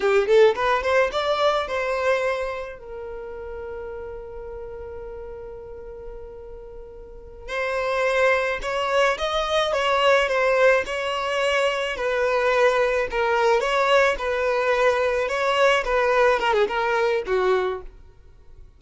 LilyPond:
\new Staff \with { instrumentName = "violin" } { \time 4/4 \tempo 4 = 108 g'8 a'8 b'8 c''8 d''4 c''4~ | c''4 ais'2.~ | ais'1~ | ais'4. c''2 cis''8~ |
cis''8 dis''4 cis''4 c''4 cis''8~ | cis''4. b'2 ais'8~ | ais'8 cis''4 b'2 cis''8~ | cis''8 b'4 ais'16 gis'16 ais'4 fis'4 | }